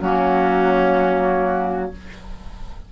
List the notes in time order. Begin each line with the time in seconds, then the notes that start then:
0.00 F#3 A#3 C#4 F#4